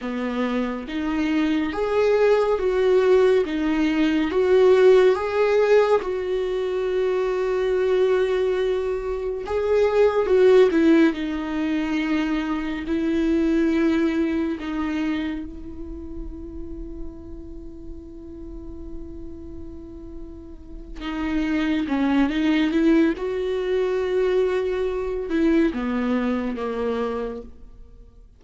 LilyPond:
\new Staff \with { instrumentName = "viola" } { \time 4/4 \tempo 4 = 70 b4 dis'4 gis'4 fis'4 | dis'4 fis'4 gis'4 fis'4~ | fis'2. gis'4 | fis'8 e'8 dis'2 e'4~ |
e'4 dis'4 e'2~ | e'1~ | e'8 dis'4 cis'8 dis'8 e'8 fis'4~ | fis'4. e'8 b4 ais4 | }